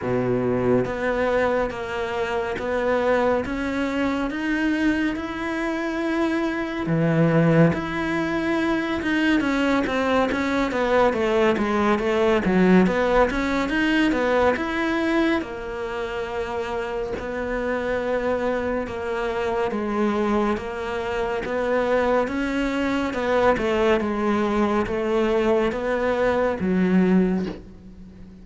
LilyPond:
\new Staff \with { instrumentName = "cello" } { \time 4/4 \tempo 4 = 70 b,4 b4 ais4 b4 | cis'4 dis'4 e'2 | e4 e'4. dis'8 cis'8 c'8 | cis'8 b8 a8 gis8 a8 fis8 b8 cis'8 |
dis'8 b8 e'4 ais2 | b2 ais4 gis4 | ais4 b4 cis'4 b8 a8 | gis4 a4 b4 fis4 | }